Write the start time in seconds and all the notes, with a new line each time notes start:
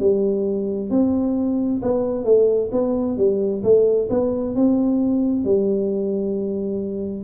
0.00 G3
0.90 C4
1.83 B3
2.25 A3
2.72 B3
3.18 G3
3.63 A3
4.10 B3
4.56 C4
5.45 G3